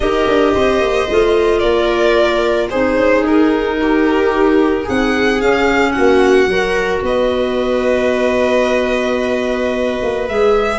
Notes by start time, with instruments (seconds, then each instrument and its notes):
0.00 tuba D#4, clarinet G4, viola A#4, violin D#5
0.27 tuba D4
0.54 tuba C4, viola C5
0.80 tuba A#3
1.09 tuba A3, clarinet F4
1.59 tuba A#3, viola A#4, violin D5
2.69 tuba C4, clarinet D#4, viola G#4, violin C5
2.96 tuba C#4
3.23 tuba D#4, violin A#4
3.81 viola G4
4.84 tuba C4, viola G#4, violin F#5
5.40 clarinet C#4, tuba C#4, violin F5
5.92 viola F#4, violin F#5
5.98 tuba A#3
6.46 tuba F#3, clarinet F#4, viola A#4
7.02 tuba B3, viola B4, violin D#5
10.02 tuba A#3
10.28 tuba G#3, clarinet G#4, violin E5